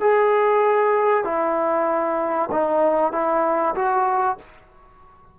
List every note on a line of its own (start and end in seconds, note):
0.00 1.24 G#4
1.24 2.49 E4
2.51 3.12 D#4
3.12 3.74 E4
3.75 4.37 F#4